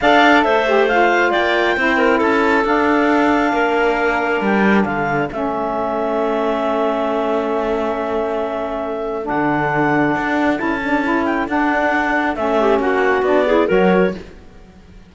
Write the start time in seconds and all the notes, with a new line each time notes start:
0.00 D4 A4 D5 F5
0.42 A3 C5 E5
0.66 G4
0.87 F4 F5
1.31 A#3 D5 G5
1.76 C4 E4 C5
1.97 A#4
2.18 C#4 A4 A5
2.63 D4 F5
3.53 A#3 A#4
4.40 G3 G5
4.84 D3 A4 F5
5.31 A3 C#4 E5
9.22 D4 F#5
9.29 D3
10.15 D4
10.56 C#4 E4 A5
10.83 D4
11.04 E4
11.24 G5
11.47 D4 F#5
12.35 A3 C#4 E5
12.59 G4
12.79 A#3 F#4 F#5
13.22 B3 D4 D5
13.46 E4 G#4
13.67 F#3 F#4 A#4 C#5